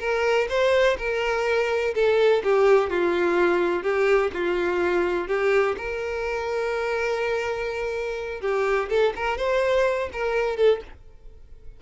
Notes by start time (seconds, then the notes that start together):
0.00 A#4
0.49 C5
0.98 A#4
1.95 A4
2.43 G4
2.90 F4
3.83 G4
4.33 F4
5.28 G4
5.77 A#4
8.41 G4
8.90 A4
9.16 A#4
9.37 C5
10.13 A#4
10.56 A4